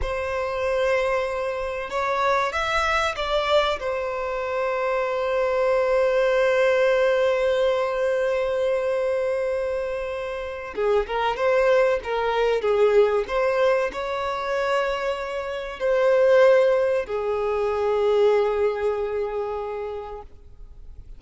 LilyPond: \new Staff \with { instrumentName = "violin" } { \time 4/4 \tempo 4 = 95 c''2. cis''4 | e''4 d''4 c''2~ | c''1~ | c''1~ |
c''4 gis'8 ais'8 c''4 ais'4 | gis'4 c''4 cis''2~ | cis''4 c''2 gis'4~ | gis'1 | }